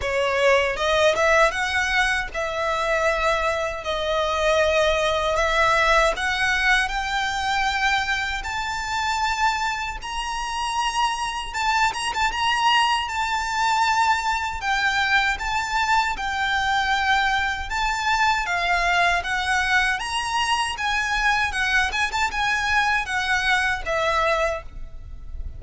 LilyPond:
\new Staff \with { instrumentName = "violin" } { \time 4/4 \tempo 4 = 78 cis''4 dis''8 e''8 fis''4 e''4~ | e''4 dis''2 e''4 | fis''4 g''2 a''4~ | a''4 ais''2 a''8 ais''16 a''16 |
ais''4 a''2 g''4 | a''4 g''2 a''4 | f''4 fis''4 ais''4 gis''4 | fis''8 gis''16 a''16 gis''4 fis''4 e''4 | }